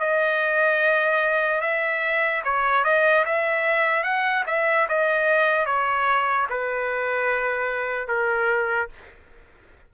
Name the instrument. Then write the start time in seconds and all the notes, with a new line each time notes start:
trumpet
0.00 D#5
1.61 E5
2.44 C#5
2.84 D#5
3.25 E5
4.03 F#5
4.47 E5
4.89 D#5
5.66 C#5
6.50 B4
8.08 A#4